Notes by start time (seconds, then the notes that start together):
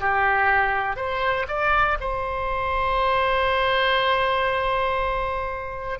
0.00 G4
0.96 C5
1.48 D5
2.00 C5